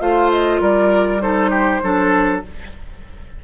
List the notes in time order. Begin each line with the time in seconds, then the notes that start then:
0.00 A3 F4 C5 F5
0.31 D#5
0.60 G3 A#4 D5
1.20 D#4 A4 C5
1.50 G4
1.82 F#3 D4 A4